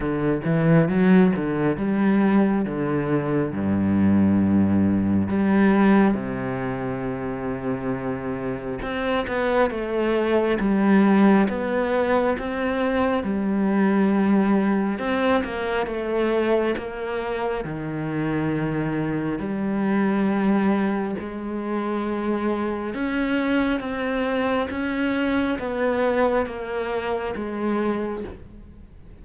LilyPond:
\new Staff \with { instrumentName = "cello" } { \time 4/4 \tempo 4 = 68 d8 e8 fis8 d8 g4 d4 | g,2 g4 c4~ | c2 c'8 b8 a4 | g4 b4 c'4 g4~ |
g4 c'8 ais8 a4 ais4 | dis2 g2 | gis2 cis'4 c'4 | cis'4 b4 ais4 gis4 | }